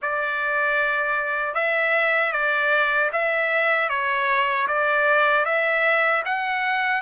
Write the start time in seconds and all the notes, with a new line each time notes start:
0.01 D5
1.54 E5
2.32 D5
3.12 E5
3.89 C#5
4.67 D5
5.45 E5
6.25 F#5